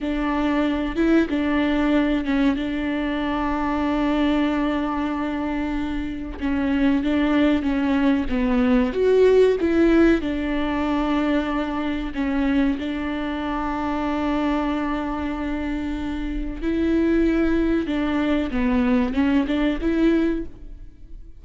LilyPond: \new Staff \with { instrumentName = "viola" } { \time 4/4 \tempo 4 = 94 d'4. e'8 d'4. cis'8 | d'1~ | d'2 cis'4 d'4 | cis'4 b4 fis'4 e'4 |
d'2. cis'4 | d'1~ | d'2 e'2 | d'4 b4 cis'8 d'8 e'4 | }